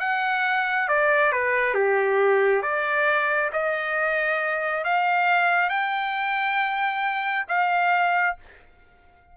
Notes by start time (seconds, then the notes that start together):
0.00 F#5
0.88 D5
1.33 B4
1.74 G4
2.62 D5
3.53 D#5
4.84 F5
5.70 G5
7.48 F5